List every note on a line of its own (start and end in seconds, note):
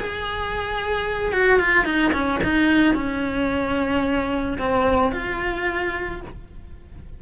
0.00 1.33 G#4
1.33 1.60 F#4
1.60 1.85 F4
1.85 2.12 D#4
2.13 2.40 C#4
2.44 2.95 D#4
2.95 4.59 C#4
4.59 5.12 C4
5.12 6.22 F4